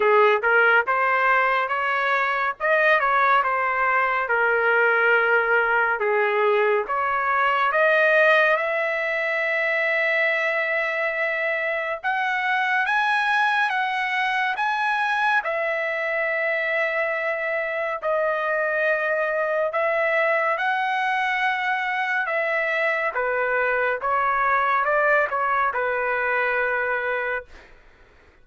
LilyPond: \new Staff \with { instrumentName = "trumpet" } { \time 4/4 \tempo 4 = 70 gis'8 ais'8 c''4 cis''4 dis''8 cis''8 | c''4 ais'2 gis'4 | cis''4 dis''4 e''2~ | e''2 fis''4 gis''4 |
fis''4 gis''4 e''2~ | e''4 dis''2 e''4 | fis''2 e''4 b'4 | cis''4 d''8 cis''8 b'2 | }